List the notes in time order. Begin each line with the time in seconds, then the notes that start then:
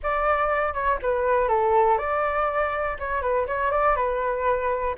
0.02 D5
0.73 C#5
1.02 B4
1.48 A4
1.97 D5
2.99 C#5
3.21 B4
3.46 C#5
3.71 D5
3.96 B4